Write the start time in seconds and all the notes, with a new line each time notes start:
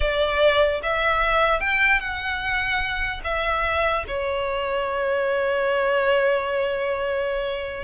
0.00 D5
0.83 E5
1.60 G5
2.00 F#5
3.23 E5
4.07 C#5